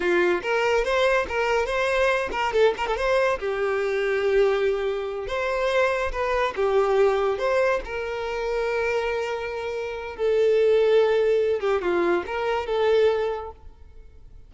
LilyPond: \new Staff \with { instrumentName = "violin" } { \time 4/4 \tempo 4 = 142 f'4 ais'4 c''4 ais'4 | c''4. ais'8 a'8 ais'16 a'16 c''4 | g'1~ | g'8 c''2 b'4 g'8~ |
g'4. c''4 ais'4.~ | ais'1 | a'2.~ a'8 g'8 | f'4 ais'4 a'2 | }